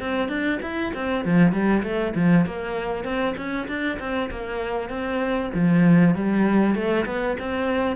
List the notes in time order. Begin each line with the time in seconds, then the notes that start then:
0.00 C4
0.29 D4
0.62 E4
0.94 C4
1.25 F3
1.53 G3
1.83 A3
2.15 F3
2.46 A#3
3.04 C4
3.37 C#4
3.68 D4
3.99 C4
4.31 A#3
4.90 C4
5.55 F3
6.15 G3
6.75 A3
7.06 B3
7.39 C4